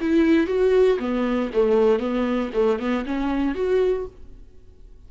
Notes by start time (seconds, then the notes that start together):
0.00 E4
0.46 F#4
0.99 B3
1.53 A3
1.99 B3
2.53 A3
2.79 B3
3.05 C#4
3.54 F#4